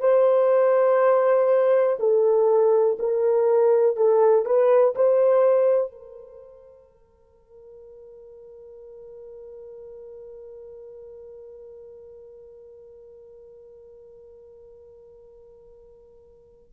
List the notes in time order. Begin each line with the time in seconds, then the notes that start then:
0.00 C5
1.99 A4
3.00 A#4
3.97 A4
4.45 B4
4.95 C5
5.92 A#4